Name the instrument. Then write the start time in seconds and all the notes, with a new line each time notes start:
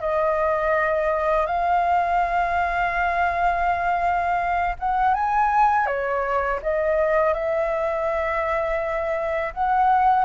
flute
0.00 D#5
1.46 F5
4.79 F#5
5.14 G#5
5.86 C#5
6.62 D#5
7.33 E5
9.53 F#5